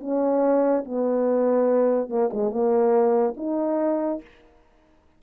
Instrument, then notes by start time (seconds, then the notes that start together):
horn
0.00 C#4
0.85 B3
2.09 A#3
2.33 G#3
2.50 A#3
3.36 D#4